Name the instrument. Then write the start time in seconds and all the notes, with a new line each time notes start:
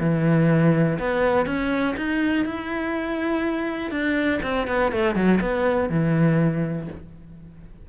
cello
0.00 E3
0.99 B3
1.46 C#4
1.97 D#4
2.45 E4
3.91 D4
4.43 C4
4.67 B3
4.92 A3
5.15 F#3
5.41 B3
5.90 E3